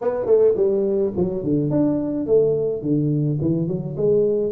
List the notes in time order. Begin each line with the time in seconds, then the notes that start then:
0.01 B3
0.25 A3
0.56 G3
1.16 F#3
1.43 D3
1.70 D4
2.26 A3
2.81 D3
3.41 E3
3.67 F#3
3.96 G#3